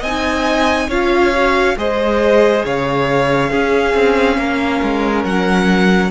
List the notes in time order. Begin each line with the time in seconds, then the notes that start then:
0.00 C4 D#5 G#5
0.06 D#4
0.89 C#4 F4 C#5 F5
1.36 F#4
1.77 G#3 G#4 C5 D#5
2.65 C#3 C#5 F5
3.51 C#4 G#4
3.95 C4
4.38 A#3 A#4
4.82 G#3
5.24 F#3 F#5